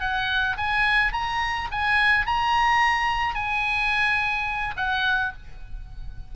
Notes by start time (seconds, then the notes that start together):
0.00 F#5
0.57 G#5
1.12 A#5
1.71 G#5
2.26 A#5
3.34 G#5
4.76 F#5